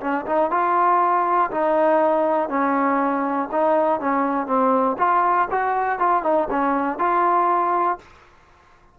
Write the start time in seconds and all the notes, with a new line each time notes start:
0.00 C#4
0.26 D#4
0.50 F4
1.51 D#4
2.49 C#4
3.52 D#4
4.00 C#4
4.46 C4
4.98 F4
5.50 F#4
5.99 F4
6.23 D#4
6.50 C#4
6.98 F4